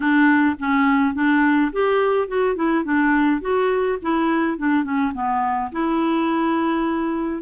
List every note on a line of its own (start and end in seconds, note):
0.00 0.55 D4
0.59 1.14 C#4
1.14 1.71 D4
1.72 2.28 G4
2.28 2.55 F#4
2.55 2.84 E4
2.84 3.41 D4
3.41 3.98 F#4
4.02 4.58 E4
4.58 4.83 D4
4.83 5.12 C#4
5.14 5.71 B3
5.71 7.42 E4